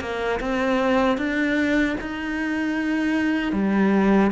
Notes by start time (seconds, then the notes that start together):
0.00 A#3
0.40 C4
1.17 D4
2.01 D#4
3.52 G3